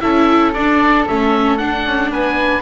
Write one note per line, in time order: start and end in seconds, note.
0.00 0.54 C#4
0.00 0.52 E4
0.00 2.10 A4
0.00 0.52 E5
0.53 1.07 D4
0.53 1.08 D4
0.53 1.06 D5
1.07 1.60 A3
1.07 1.58 C#4
1.07 1.57 E5
1.57 2.62 D4
1.57 1.86 D4
1.57 2.09 F#5
1.86 2.10 C#4
2.10 2.62 B3
2.10 2.62 B4
2.10 2.62 G#5